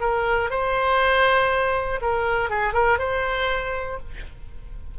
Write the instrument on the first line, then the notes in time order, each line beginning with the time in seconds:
oboe
0.00 A#4
0.50 C5
2.01 A#4
2.50 G#4
2.73 A#4
2.98 C5